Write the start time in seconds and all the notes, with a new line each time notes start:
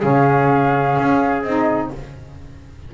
0.00 C#3 C#4 G#4 F5
0.99 C#4
1.44 C4 D#4 D#5